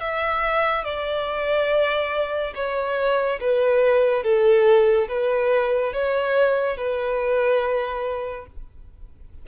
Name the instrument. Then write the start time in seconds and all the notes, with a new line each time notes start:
violin
0.00 E5
0.84 D5
2.55 C#5
3.40 B4
4.23 A4
5.08 B4
5.93 C#5
6.77 B4